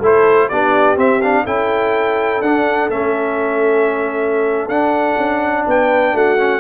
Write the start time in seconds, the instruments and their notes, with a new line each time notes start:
0.00 tuba A3, trombone E4, horn A4, trumpet C5
0.49 tuba B3, trombone D4, horn G4, trumpet D5
0.96 trombone C4, tuba C4, trumpet E5
1.22 trombone D4, trumpet F5
1.45 tuba C#4, trombone E4, horn A4, trumpet G5
2.41 tuba D4, trombone D4, trumpet F#5
2.90 tuba A3, trombone C#4, trumpet E5
4.69 tuba D4, trombone D4, trumpet F#5
5.17 tuba C#4
5.67 tuba B3, horn B4, trumpet G5
6.14 tuba A3, horn F#4, trumpet F#5
6.38 trombone C#4